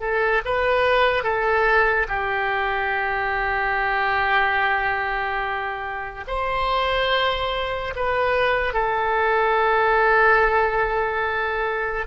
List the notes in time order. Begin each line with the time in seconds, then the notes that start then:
0.00 A4
0.45 B4
1.23 A4
2.08 G4
6.27 C5
7.95 B4
8.73 A4